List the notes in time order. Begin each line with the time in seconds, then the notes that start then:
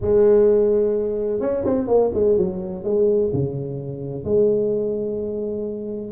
0.01 G#3
1.40 C#4
1.65 C4
1.87 A#3
2.13 G#3
2.37 F#3
2.84 G#3
3.33 C#3
4.24 G#3